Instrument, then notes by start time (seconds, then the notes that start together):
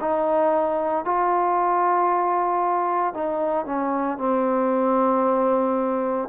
trombone
0.00 D#4
1.05 F4
3.14 D#4
3.66 C#4
4.18 C4